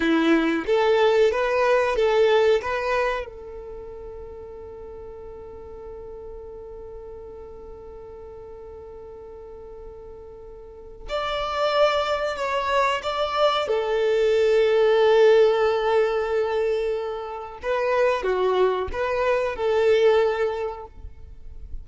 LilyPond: \new Staff \with { instrumentName = "violin" } { \time 4/4 \tempo 4 = 92 e'4 a'4 b'4 a'4 | b'4 a'2.~ | a'1~ | a'1~ |
a'4 d''2 cis''4 | d''4 a'2.~ | a'2. b'4 | fis'4 b'4 a'2 | }